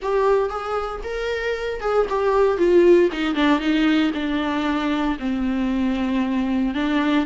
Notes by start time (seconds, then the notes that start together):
0.02 G4
0.49 G#4
1.03 A#4
1.80 G#4
2.09 G4
2.57 F4
3.12 D#4
3.35 D4
3.59 D#4
4.14 D4
5.19 C4
6.74 D4